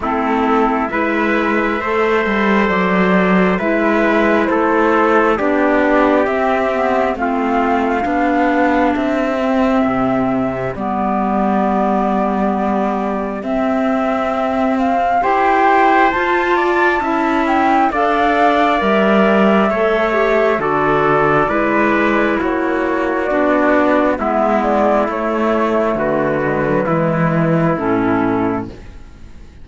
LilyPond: <<
  \new Staff \with { instrumentName = "flute" } { \time 4/4 \tempo 4 = 67 a'4 e''2 d''4 | e''4 c''4 d''4 e''4 | f''2 e''2 | d''2. e''4~ |
e''8 f''8 g''4 a''4. g''8 | f''4 e''2 d''4~ | d''4 cis''4 d''4 e''8 d''8 | cis''4 b'2 a'4 | }
  \new Staff \with { instrumentName = "trumpet" } { \time 4/4 e'4 b'4 c''2 | b'4 a'4 g'2 | f'4 g'2.~ | g'1~ |
g'4 c''4. d''8 e''4 | d''2 cis''4 a'4 | b'4 fis'2 e'4~ | e'4 fis'4 e'2 | }
  \new Staff \with { instrumentName = "clarinet" } { \time 4/4 c'4 e'4 a'2 | e'2 d'4 c'8 b8 | c'4 d'4. c'4. | b2. c'4~ |
c'4 g'4 f'4 e'4 | a'4 ais'4 a'8 g'8 fis'4 | e'2 d'4 b4 | a4. gis16 fis16 gis4 cis'4 | }
  \new Staff \with { instrumentName = "cello" } { \time 4/4 a4 gis4 a8 g8 fis4 | gis4 a4 b4 c'4 | a4 b4 c'4 c4 | g2. c'4~ |
c'4 e'4 f'4 cis'4 | d'4 g4 a4 d4 | gis4 ais4 b4 gis4 | a4 d4 e4 a,4 | }
>>